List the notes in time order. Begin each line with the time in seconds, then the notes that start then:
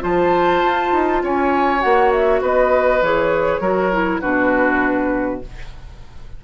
0.00 F3 F4 C5 A5
0.63 F4
0.92 D#4
1.23 C#4 C#5 G#5
1.80 A#3 F#4 F#5
2.11 E5
2.41 B3 B4 D#5
3.01 E3 G#4 C#5
3.60 F#3 F#4 A#4
3.92 E4
4.21 B2 D4 F#4 B4